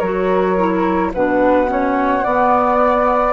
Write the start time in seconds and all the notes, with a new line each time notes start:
0.00 F#3 F#4 A#4 C#5
0.57 E4
1.14 B2 D4 B4 F#5
1.67 C#4 C#5
2.24 B3 D5